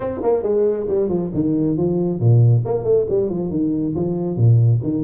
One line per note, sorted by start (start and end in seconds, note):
0.00 0.20 C4
0.22 0.42 A#3
0.42 0.86 G#3
0.88 1.08 G3
1.08 1.30 F3
1.34 1.77 D#3
1.77 2.20 F3
2.20 2.64 A#2
2.65 2.84 A#3
2.84 3.06 A3
3.09 3.29 G3
3.29 3.50 F3
3.50 3.94 D#3
3.95 4.36 F3
4.36 4.80 A#2
4.82 5.04 D#3